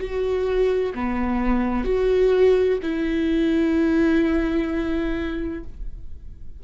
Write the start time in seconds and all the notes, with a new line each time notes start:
0.00 F#4
0.95 B3
1.85 F#4
2.83 E4